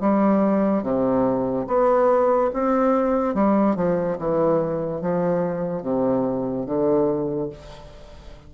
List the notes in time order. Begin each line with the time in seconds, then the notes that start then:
0.00 G3
0.82 C3
1.67 B3
2.53 C4
3.34 G3
3.75 F3
4.18 E3
5.01 F3
5.82 C3
6.66 D3